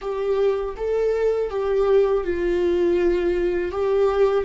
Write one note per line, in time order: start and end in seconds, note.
0.01 0.75 G4
0.76 1.50 A4
1.50 2.24 G4
2.24 3.71 F4
3.71 4.44 G4